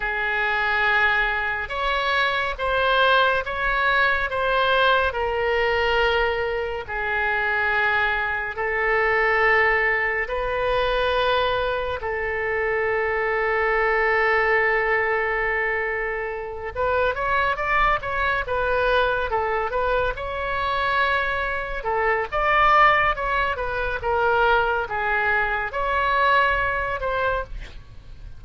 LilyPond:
\new Staff \with { instrumentName = "oboe" } { \time 4/4 \tempo 4 = 70 gis'2 cis''4 c''4 | cis''4 c''4 ais'2 | gis'2 a'2 | b'2 a'2~ |
a'2.~ a'8 b'8 | cis''8 d''8 cis''8 b'4 a'8 b'8 cis''8~ | cis''4. a'8 d''4 cis''8 b'8 | ais'4 gis'4 cis''4. c''8 | }